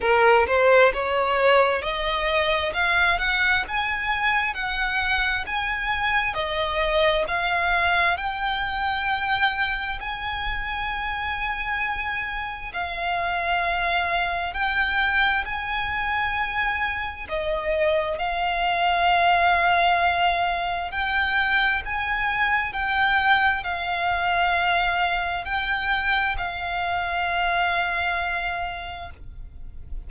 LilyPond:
\new Staff \with { instrumentName = "violin" } { \time 4/4 \tempo 4 = 66 ais'8 c''8 cis''4 dis''4 f''8 fis''8 | gis''4 fis''4 gis''4 dis''4 | f''4 g''2 gis''4~ | gis''2 f''2 |
g''4 gis''2 dis''4 | f''2. g''4 | gis''4 g''4 f''2 | g''4 f''2. | }